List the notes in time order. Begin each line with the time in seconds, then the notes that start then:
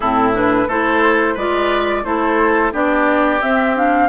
0.00 A2 C4 E4 A4
0.33 D4 B4
0.67 A3 E4 A4 C5
1.34 G#3 F4 B4 D5
2.04 A3 E4 A4 C5
2.72 B3 D4 G4 D5
3.41 C4 E5
3.75 D4 F5